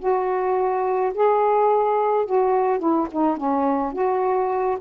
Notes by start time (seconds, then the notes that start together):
0.00 F#4
1.15 G#4
2.26 F#4
2.79 E4
3.12 D#4
3.38 C#4
3.93 F#4